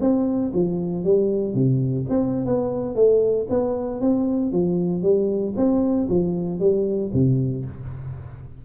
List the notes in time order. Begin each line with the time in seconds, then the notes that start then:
0.00 C4
0.53 F3
1.04 G3
1.54 C3
2.09 C4
2.45 B3
2.95 A3
3.49 B3
4.01 C4
4.52 F3
5.02 G3
5.56 C4
6.09 F3
6.59 G3
7.13 C3